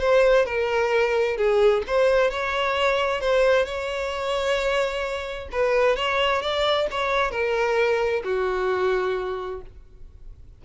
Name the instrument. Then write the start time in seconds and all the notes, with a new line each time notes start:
violin
0.00 C5
0.46 A#4
1.37 G#4
1.87 C5
2.31 C#5
3.21 C5
3.66 C#5
5.52 B4
5.96 C#5
6.42 D5
6.91 C#5
7.31 A#4
8.24 F#4